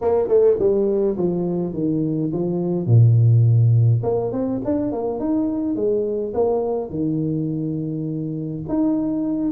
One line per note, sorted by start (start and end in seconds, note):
0.01 0.28 A#3
0.28 0.57 A3
0.59 1.16 G3
1.17 1.73 F3
1.73 2.31 D#3
2.32 2.86 F3
2.86 4.01 A#2
4.03 4.32 A#3
4.32 4.60 C4
4.64 4.91 D4
4.91 5.19 A#3
5.19 5.75 D#4
5.75 6.33 G#3
6.33 6.90 A#3
6.90 8.63 D#3
8.68 9.51 D#4